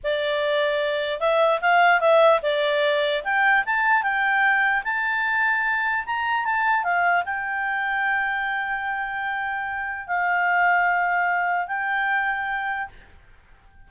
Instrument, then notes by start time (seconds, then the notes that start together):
clarinet
0.03 D5
1.20 E5
1.61 F5
2.00 E5
2.42 D5
3.24 G5
3.65 A5
4.02 G5
4.84 A5
6.05 A#5
6.44 A5
6.83 F5
7.25 G5
10.07 F5
11.67 G5